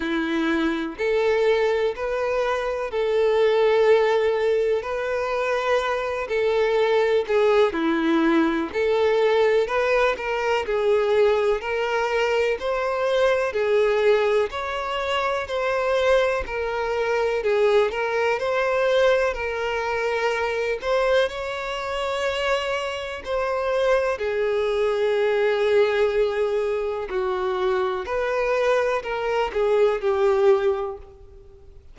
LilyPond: \new Staff \with { instrumentName = "violin" } { \time 4/4 \tempo 4 = 62 e'4 a'4 b'4 a'4~ | a'4 b'4. a'4 gis'8 | e'4 a'4 b'8 ais'8 gis'4 | ais'4 c''4 gis'4 cis''4 |
c''4 ais'4 gis'8 ais'8 c''4 | ais'4. c''8 cis''2 | c''4 gis'2. | fis'4 b'4 ais'8 gis'8 g'4 | }